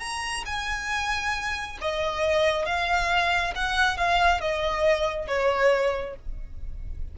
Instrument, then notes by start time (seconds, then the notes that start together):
violin
0.00 A#5
0.46 G#5
1.82 D#5
2.66 F5
3.55 F#5
3.97 F5
4.41 D#5
5.27 C#5